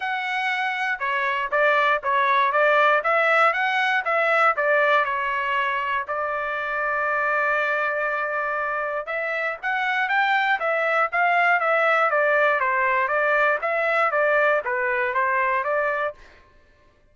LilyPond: \new Staff \with { instrumentName = "trumpet" } { \time 4/4 \tempo 4 = 119 fis''2 cis''4 d''4 | cis''4 d''4 e''4 fis''4 | e''4 d''4 cis''2 | d''1~ |
d''2 e''4 fis''4 | g''4 e''4 f''4 e''4 | d''4 c''4 d''4 e''4 | d''4 b'4 c''4 d''4 | }